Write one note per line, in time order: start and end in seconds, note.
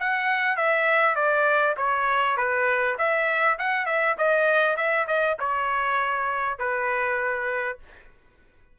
0.00 0.57 F#5
0.57 1.16 E5
1.16 1.76 D5
1.78 2.38 C#5
2.38 2.98 B4
2.99 3.59 E5
3.59 3.86 F#5
3.86 4.16 E5
4.18 4.77 D#5
4.77 5.07 E5
5.08 5.38 D#5
5.40 6.59 C#5
6.59 7.79 B4